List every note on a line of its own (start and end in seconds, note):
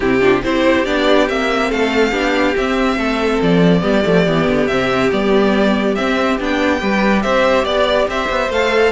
0.00 0.43 C3
0.00 0.21 C4
0.00 0.20 E4
0.00 0.43 G4
0.20 0.42 D4
0.20 0.41 F4
0.43 0.86 C4
0.43 0.85 E4
0.43 1.69 G4
0.43 0.85 C5
0.85 1.29 B3
0.85 1.28 D4
0.85 1.27 D5
1.28 1.71 A#3
1.28 2.11 C4
1.28 1.71 E5
1.69 2.11 A3
1.69 2.10 A4
1.69 2.56 F5
2.10 2.54 B3
2.10 2.54 D4
2.10 2.95 G4
2.56 2.96 C4
2.56 3.81 C4
2.56 3.42 E5
2.96 3.39 A3
2.96 3.81 A4
3.42 3.83 F3
3.42 4.67 D5
3.81 4.04 G3
3.81 4.02 B3
3.81 6.78 G4
4.04 4.26 F3
4.04 4.25 A3
4.26 4.47 E3
4.26 4.68 B3
4.48 4.68 D3
4.67 5.10 C3
4.67 5.10 C4
4.67 5.09 E5
5.10 5.97 G3
5.10 5.95 B3
5.10 5.95 D5
5.95 6.38 C4
5.95 6.40 C4
5.95 6.37 E5
6.39 6.81 B3
6.39 6.79 D4
6.39 7.22 G5
6.79 7.24 G3
6.79 8.49 G4
6.79 7.22 B4
7.22 7.65 C4
7.22 7.65 C5
7.22 7.65 E5
7.65 8.07 B3
7.65 8.07 D5
8.08 8.29 C4
8.08 8.92 C5
8.08 8.51 E5
8.29 8.49 B3
8.49 8.91 A3
8.49 8.92 A4
8.49 8.92 F5